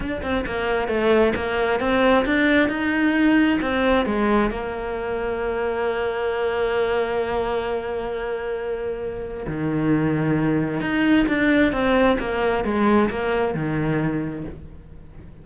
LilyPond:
\new Staff \with { instrumentName = "cello" } { \time 4/4 \tempo 4 = 133 d'8 c'8 ais4 a4 ais4 | c'4 d'4 dis'2 | c'4 gis4 ais2~ | ais1~ |
ais1~ | ais4 dis2. | dis'4 d'4 c'4 ais4 | gis4 ais4 dis2 | }